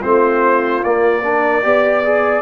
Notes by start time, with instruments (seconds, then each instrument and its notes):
0.00 tuba A3, trombone C4, horn F4, trumpet C5
0.84 tuba A#3, trombone A#3, trumpet D5
1.23 trombone D4, horn A#4
1.63 tuba B3, trombone G4, horn D5
2.04 trombone G#4